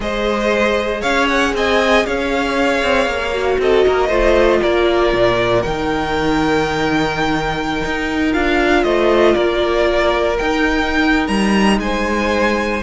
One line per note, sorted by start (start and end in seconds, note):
0.00 1.02 G#3
0.00 3.32 G#4
0.00 1.01 C5
0.00 1.02 D#5
1.01 1.53 C#4
1.01 1.52 C#5
1.01 1.27 F5
1.28 1.54 F#5
1.53 2.05 C4
1.53 2.06 D#5
1.53 2.06 G#5
2.06 2.82 C#4
2.06 3.60 C#5
2.06 3.59 F5
2.82 3.06 C4
3.06 3.57 A#3
3.32 4.09 F#4
3.59 3.84 C4
3.59 3.86 A4
3.59 4.62 D#5
3.86 4.08 A#3
3.86 4.08 A#4
4.08 4.60 A3
4.08 5.63 F4
4.08 4.59 C5
4.61 5.13 A#3
4.61 8.83 A#4
4.61 5.62 D5
5.13 5.64 A#2
5.62 7.83 D#3
5.62 8.30 D#4
5.62 8.31 G5
7.84 8.35 D#4
8.30 8.83 D4
8.30 10.35 F4
8.30 8.83 F5
8.83 9.35 A3
8.83 9.34 C5
8.83 9.34 D#5
9.34 10.39 A#3
9.34 11.78 A#4
9.34 10.37 D5
10.37 11.28 D#4
10.37 12.82 D#4
10.37 11.27 G5
11.27 11.79 G3
11.27 11.78 A#5
11.79 12.81 G#3
11.79 12.82 C5
11.79 12.82 G#5